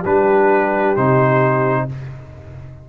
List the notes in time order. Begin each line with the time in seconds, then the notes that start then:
0.00 G3 D4 G4 B4
0.96 C3 D#4 C5